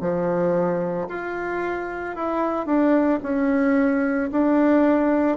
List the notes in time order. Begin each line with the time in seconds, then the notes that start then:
0.00 F3
1.08 F4
2.15 E4
2.65 D4
3.22 C#4
4.31 D4